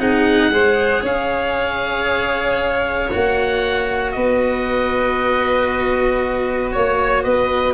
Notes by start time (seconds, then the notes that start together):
0.00 C4 D#4 G#4 F#5
0.50 G#3 G#4 C5
1.02 C#4 C#5 F5
3.12 A#3 F#4 F#5
4.12 B3 B4 D#5
6.72 A#3 C#5
7.24 B3 B4 D#5